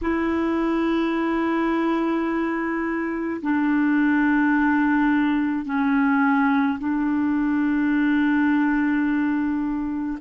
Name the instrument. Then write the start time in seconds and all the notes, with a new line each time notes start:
clarinet
0.01 E4
3.42 D4
5.65 C#4
6.79 D4